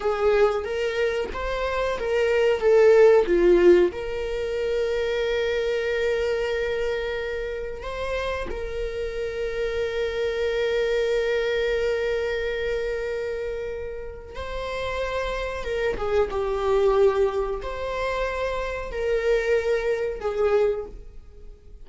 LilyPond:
\new Staff \with { instrumentName = "viola" } { \time 4/4 \tempo 4 = 92 gis'4 ais'4 c''4 ais'4 | a'4 f'4 ais'2~ | ais'1 | c''4 ais'2.~ |
ais'1~ | ais'2 c''2 | ais'8 gis'8 g'2 c''4~ | c''4 ais'2 gis'4 | }